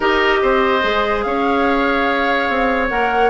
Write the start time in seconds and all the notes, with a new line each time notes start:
0.00 D#4 G4 A#4 D#5
0.42 C4 C5
0.82 G#3 G#4
1.22 C#4 C#5 F5
2.49 C4
2.88 A#3 A#4 F#5